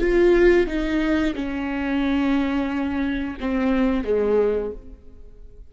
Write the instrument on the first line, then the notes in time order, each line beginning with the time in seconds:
viola
0.00 F4
0.67 D#4
1.35 C#4
3.41 C4
4.05 G#3